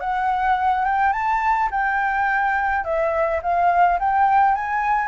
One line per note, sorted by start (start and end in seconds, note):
0.00 0.84 F#5
0.84 1.12 G5
1.12 1.69 A5
1.71 2.84 G5
2.84 3.40 E5
3.42 3.99 F5
3.99 4.55 G5
4.55 5.08 G#5